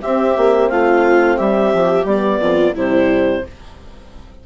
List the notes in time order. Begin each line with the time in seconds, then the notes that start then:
0.00 C4 G4 E5
0.37 A#3
0.69 A3 F4 F5
1.37 G3 G4 E5
1.73 F3
2.04 G3 B3 D5
2.40 F2 F4
2.75 C3 G3 E4 C5